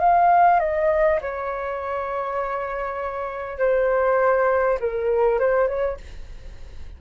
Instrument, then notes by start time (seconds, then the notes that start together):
flute
0.00 F5
0.60 D#5
1.21 C#5
3.58 C5
4.80 A#4
5.39 C5
5.67 C#5